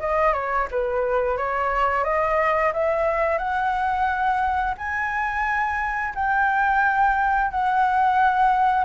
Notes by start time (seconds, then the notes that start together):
0.00 D#5
0.33 C#5
0.71 B4
1.37 C#5
2.05 D#5
2.73 E5
3.38 F#5
4.78 G#5
6.15 G5
7.51 F#5